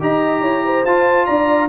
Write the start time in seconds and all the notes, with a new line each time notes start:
0.00 D#4 G4 D#5 A#5
0.41 E4 C#5
0.65 C5
0.85 F4 A5
1.26 D4 D5 A#5